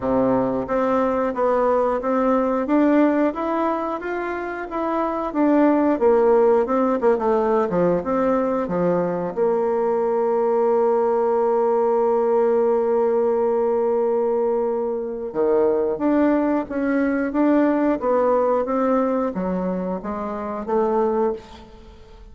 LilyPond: \new Staff \with { instrumentName = "bassoon" } { \time 4/4 \tempo 4 = 90 c4 c'4 b4 c'4 | d'4 e'4 f'4 e'4 | d'4 ais4 c'8 ais16 a8. f8 | c'4 f4 ais2~ |
ais1~ | ais2. dis4 | d'4 cis'4 d'4 b4 | c'4 fis4 gis4 a4 | }